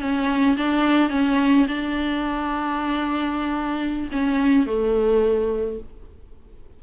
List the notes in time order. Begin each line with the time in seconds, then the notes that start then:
0.00 C#4
0.57 D4
1.10 C#4
1.68 D4
4.12 C#4
4.66 A3